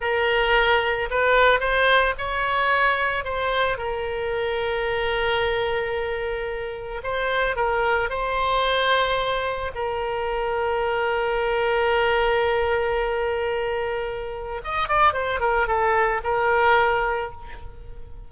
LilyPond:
\new Staff \with { instrumentName = "oboe" } { \time 4/4 \tempo 4 = 111 ais'2 b'4 c''4 | cis''2 c''4 ais'4~ | ais'1~ | ais'4 c''4 ais'4 c''4~ |
c''2 ais'2~ | ais'1~ | ais'2. dis''8 d''8 | c''8 ais'8 a'4 ais'2 | }